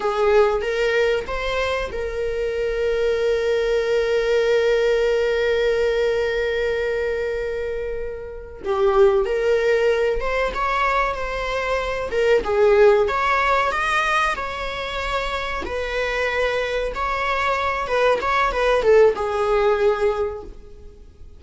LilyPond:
\new Staff \with { instrumentName = "viola" } { \time 4/4 \tempo 4 = 94 gis'4 ais'4 c''4 ais'4~ | ais'1~ | ais'1~ | ais'4. g'4 ais'4. |
c''8 cis''4 c''4. ais'8 gis'8~ | gis'8 cis''4 dis''4 cis''4.~ | cis''8 b'2 cis''4. | b'8 cis''8 b'8 a'8 gis'2 | }